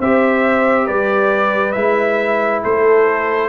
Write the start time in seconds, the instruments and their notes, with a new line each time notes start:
0.00 tuba C4, trombone G4, horn C5, trumpet E5
0.86 tuba G3, horn B4, trumpet D5
1.72 tuba G#3, trombone E4, trumpet E5
2.64 tuba A3, horn A4, trumpet C5